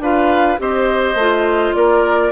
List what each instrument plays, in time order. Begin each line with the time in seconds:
0.00 bassoon D4, clarinet F4, oboe B4, flute F5
0.59 bassoon C4, clarinet G4, oboe C5, flute D#5
1.15 bassoon A3, clarinet F4
1.75 bassoon A#3, oboe A#4, flute D5